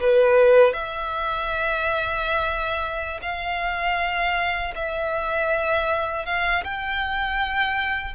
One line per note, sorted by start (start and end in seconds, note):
0.00 0.73 B4
0.73 3.20 E5
3.22 4.74 F5
4.75 6.26 E5
6.26 6.64 F5
6.64 8.14 G5